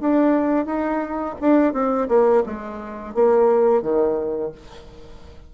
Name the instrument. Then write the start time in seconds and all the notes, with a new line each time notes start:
bassoon
0.00 D4
0.65 D#4
1.41 D4
1.73 C4
2.08 A#3
2.46 G#3
3.15 A#3
3.82 D#3